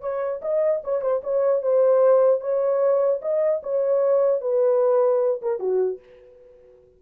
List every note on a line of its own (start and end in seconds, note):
0.00 0.40 C#5
0.41 0.81 D#5
0.84 1.01 C#5
1.01 1.21 C5
1.23 1.62 C#5
1.62 2.40 C5
2.40 3.20 C#5
3.21 3.61 D#5
3.63 4.41 C#5
4.41 5.41 B4
5.42 5.59 A#4
5.59 5.99 F#4